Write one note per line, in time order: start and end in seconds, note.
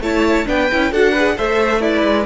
0.00 0.45 A3
0.00 0.46 E4
0.00 0.47 C#5
0.00 0.47 A5
0.46 0.70 B3
0.46 0.68 D4
0.46 0.91 B4
0.46 0.93 G5
0.72 0.91 C#4
0.72 0.91 E4
0.91 1.36 D4
0.91 1.14 F#4
0.91 1.12 A4
0.91 1.38 F#5
1.12 1.38 G#4
1.12 1.34 B4
1.37 2.03 A3
1.37 1.81 A4
1.37 1.81 C5
1.37 1.81 E5
1.81 2.26 E4
1.81 2.26 B4
1.81 2.26 D5
2.03 2.25 G#3